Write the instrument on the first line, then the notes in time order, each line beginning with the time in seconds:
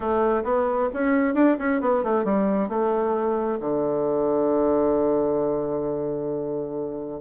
bassoon
0.00 A3
0.43 B3
0.93 C#4
1.34 D4
1.58 C#4
1.80 B3
2.03 A3
2.24 G3
2.68 A3
3.60 D3